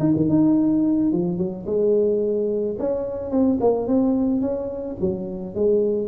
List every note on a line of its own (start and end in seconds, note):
0.00 0.14 D#4
0.17 0.30 D#3
0.30 1.12 D#4
1.12 1.38 F3
1.38 1.65 F#3
1.66 2.76 G#3
2.79 3.31 C#4
3.31 3.59 C4
3.61 3.88 A#3
3.88 4.42 C4
4.42 4.97 C#4
5.01 5.55 F#3
5.55 6.08 G#3